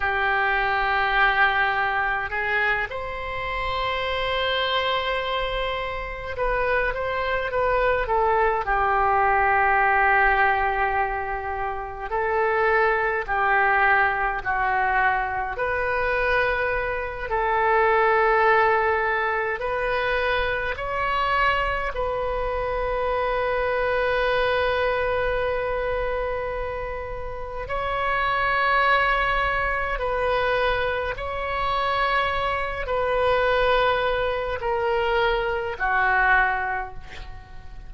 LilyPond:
\new Staff \with { instrumentName = "oboe" } { \time 4/4 \tempo 4 = 52 g'2 gis'8 c''4.~ | c''4. b'8 c''8 b'8 a'8 g'8~ | g'2~ g'8 a'4 g'8~ | g'8 fis'4 b'4. a'4~ |
a'4 b'4 cis''4 b'4~ | b'1 | cis''2 b'4 cis''4~ | cis''8 b'4. ais'4 fis'4 | }